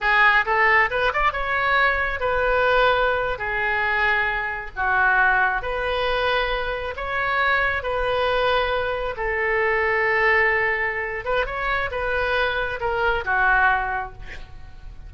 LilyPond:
\new Staff \with { instrumentName = "oboe" } { \time 4/4 \tempo 4 = 136 gis'4 a'4 b'8 d''8 cis''4~ | cis''4 b'2~ b'8. gis'16~ | gis'2~ gis'8. fis'4~ fis'16~ | fis'8. b'2. cis''16~ |
cis''4.~ cis''16 b'2~ b'16~ | b'8. a'2.~ a'16~ | a'4. b'8 cis''4 b'4~ | b'4 ais'4 fis'2 | }